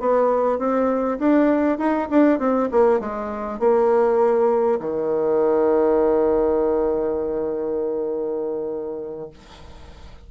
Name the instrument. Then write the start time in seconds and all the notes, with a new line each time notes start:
bassoon
0.00 B3
0.59 C4
1.19 D4
1.79 D#4
2.11 D4
2.39 C4
2.72 A#3
3.00 G#3
3.60 A#3
4.80 D#3